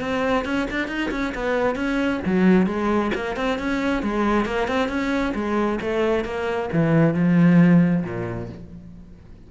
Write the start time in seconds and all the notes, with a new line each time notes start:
0.00 C4
0.45 C#4
0.70 D4
0.88 D#4
1.11 C#4
1.35 B3
1.75 C#4
2.26 F#3
2.66 G#3
3.15 A#3
3.36 C4
3.58 C#4
4.03 G#3
4.45 A#3
4.68 C4
4.88 C#4
5.35 G#3
5.81 A3
6.25 A#3
6.72 E3
7.14 F3
8.04 A#2